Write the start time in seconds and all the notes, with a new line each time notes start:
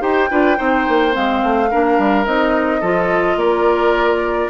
0.00 D#4 G4 C5 G5
0.30 D4 F4 B4
0.56 C4 D#4 C5
0.87 A#3
1.11 G#3 C4 F5
1.43 A3
1.70 A#3 D4 A#4
1.98 G3
2.25 C4 D#4 D#5
2.80 F3 F4 A4
3.36 A#3 A#4 D5